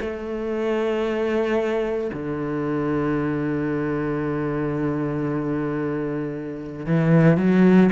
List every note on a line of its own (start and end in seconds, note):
0.00 2.11 A3
2.13 6.86 D3
6.86 7.37 E3
7.37 7.89 F#3